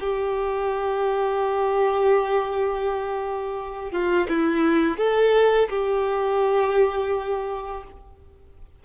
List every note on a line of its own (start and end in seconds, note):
0.00 3.91 G4
3.91 4.27 F4
4.28 4.97 E4
4.97 5.69 A4
5.69 7.83 G4